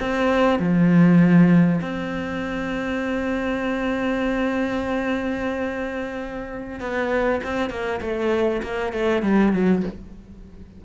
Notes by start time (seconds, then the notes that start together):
0.00 C4
0.59 F3
1.81 C4
6.80 B3
7.44 C4
7.70 A#3
8.01 A3
8.63 A#3
8.93 A3
9.23 G3
9.53 F#3